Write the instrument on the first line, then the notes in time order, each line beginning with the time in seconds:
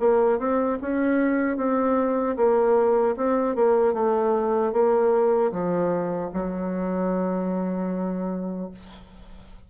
bassoon
0.00 A#3
0.39 C4
0.82 C#4
1.58 C4
2.37 A#3
3.17 C4
3.56 A#3
3.94 A3
4.73 A#3
5.52 F3
6.34 F#3